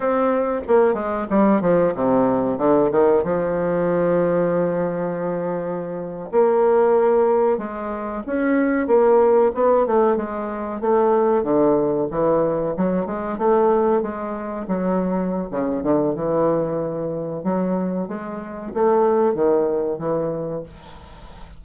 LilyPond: \new Staff \with { instrumentName = "bassoon" } { \time 4/4 \tempo 4 = 93 c'4 ais8 gis8 g8 f8 c4 | d8 dis8 f2.~ | f4.~ f16 ais2 gis16~ | gis8. cis'4 ais4 b8 a8 gis16~ |
gis8. a4 d4 e4 fis16~ | fis16 gis8 a4 gis4 fis4~ fis16 | cis8 d8 e2 fis4 | gis4 a4 dis4 e4 | }